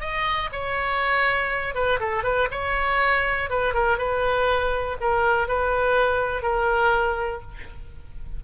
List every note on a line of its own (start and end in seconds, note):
0.00 0.50 D#5
0.52 1.74 C#5
1.74 1.99 B4
1.99 2.23 A4
2.23 2.48 B4
2.51 3.49 C#5
3.49 3.73 B4
3.73 3.97 A#4
3.97 4.97 B4
5.00 5.47 A#4
5.47 6.42 B4
6.42 7.41 A#4